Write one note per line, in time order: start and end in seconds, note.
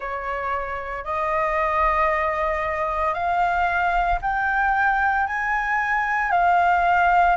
0.00 1.04 C#5
1.04 3.13 D#5
3.13 4.19 F5
4.21 5.26 G5
5.26 6.31 G#5
6.31 7.36 F5